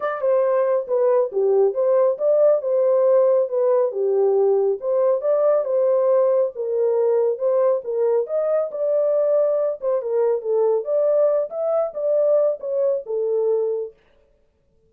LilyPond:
\new Staff \with { instrumentName = "horn" } { \time 4/4 \tempo 4 = 138 d''8 c''4. b'4 g'4 | c''4 d''4 c''2 | b'4 g'2 c''4 | d''4 c''2 ais'4~ |
ais'4 c''4 ais'4 dis''4 | d''2~ d''8 c''8 ais'4 | a'4 d''4. e''4 d''8~ | d''4 cis''4 a'2 | }